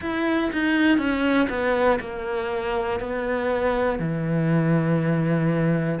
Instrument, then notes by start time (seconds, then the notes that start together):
cello
0.01 E4
0.52 D#4
0.98 C#4
1.49 B3
2.00 A#3
3.00 B3
3.99 E3